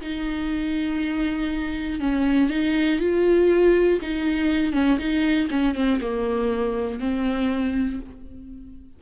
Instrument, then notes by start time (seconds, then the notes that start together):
viola
0.00 D#4
2.00 C#4
2.50 D#4
3.00 F4
4.01 D#4
4.73 C#4
4.98 D#4
5.50 C#4
5.75 C4
6.00 A#3
6.99 C4